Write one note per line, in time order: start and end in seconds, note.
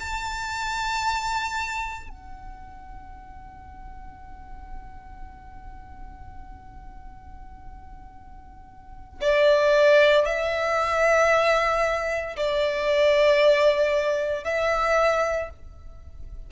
0.00 2.10 A5
2.10 9.21 F#5
9.21 10.26 D5
10.26 12.36 E5
12.37 14.44 D5
14.44 15.50 E5